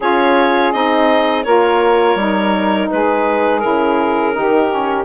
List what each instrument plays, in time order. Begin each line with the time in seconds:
0.00 bassoon C#4, saxophone F4 G#4, clarinet C#5
0.72 bassoon C4, saxophone D#4, clarinet D#5
1.43 bassoon A#3, saxophone F4 A#4, clarinet C#5
2.15 bassoon G3, saxophone D#4
2.90 bassoon G#3, saxophone G#4, clarinet B4
3.59 bassoon C#3, saxophone E4, clarinet A#4
4.31 bassoon D#3, saxophone D#4 G4
4.68 saxophone C#4